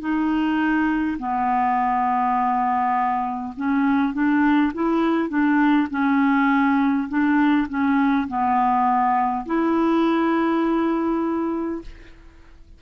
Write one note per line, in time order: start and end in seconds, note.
0.00 1.18 D#4
1.19 3.55 B3
3.57 4.14 C#4
4.14 4.73 D4
4.74 5.29 E4
5.29 5.88 D4
5.91 7.09 C#4
7.09 7.68 D4
7.69 8.28 C#4
8.28 9.46 B3
9.47 11.82 E4